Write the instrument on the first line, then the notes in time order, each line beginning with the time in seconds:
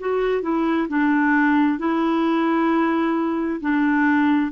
clarinet
0.00 F#4
0.43 E4
0.89 D4
1.79 E4
3.61 D4